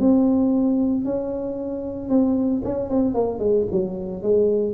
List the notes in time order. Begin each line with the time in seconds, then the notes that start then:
0.00 C4
1.05 C#4
2.09 C4
2.64 C#4
2.89 C4
3.15 A#3
3.39 G#3
3.72 F#3
4.22 G#3